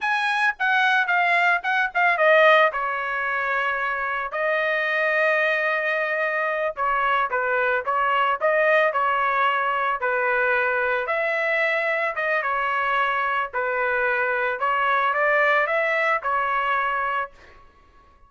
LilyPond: \new Staff \with { instrumentName = "trumpet" } { \time 4/4 \tempo 4 = 111 gis''4 fis''4 f''4 fis''8 f''8 | dis''4 cis''2. | dis''1~ | dis''8 cis''4 b'4 cis''4 dis''8~ |
dis''8 cis''2 b'4.~ | b'8 e''2 dis''8 cis''4~ | cis''4 b'2 cis''4 | d''4 e''4 cis''2 | }